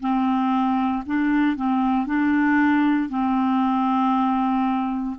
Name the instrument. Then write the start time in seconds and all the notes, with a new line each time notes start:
clarinet
0.00 C4
1.05 D4
1.56 C4
2.06 D4
3.09 C4